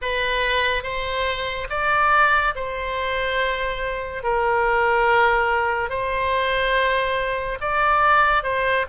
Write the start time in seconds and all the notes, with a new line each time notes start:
0.01 B4
0.83 C5
1.69 D5
2.55 C5
4.23 A#4
5.89 C5
7.61 D5
8.43 C5